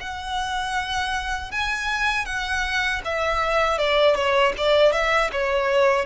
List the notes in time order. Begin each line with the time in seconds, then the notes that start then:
0.00 F#5
1.51 G#5
2.25 F#5
3.04 E5
3.78 D5
4.15 C#5
4.57 D5
4.92 E5
5.32 C#5